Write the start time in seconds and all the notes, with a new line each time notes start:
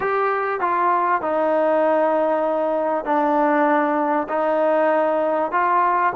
0.00 G4
0.60 F4
1.21 D#4
3.04 D4
4.29 D#4
5.51 F4